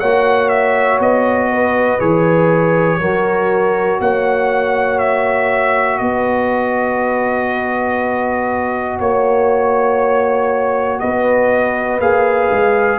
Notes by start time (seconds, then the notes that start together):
0.00 A#3 F#4 C#5 F#5
0.49 E5
1.00 B3 D#5
1.52 B4
2.00 E3 G#4 C#5
3.00 F#3 F#4 A#4
4.00 A#3 C#5 F#5
4.99 E5
5.98 B3 B4 D#5
9.00 A#3 C#5
11.00 B3 B4 D#5
12.00 A#3 G#4 F5
12.52 G#3